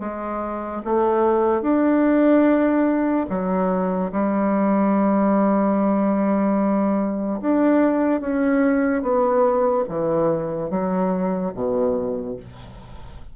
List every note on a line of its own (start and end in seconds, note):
0.00 0.82 G#3
0.85 1.62 A3
1.62 3.26 D4
3.30 4.12 F#3
4.12 7.41 G3
7.41 8.21 D4
8.21 9.02 C#4
9.02 9.84 B3
9.89 10.70 E3
10.70 11.53 F#3
11.54 12.36 B2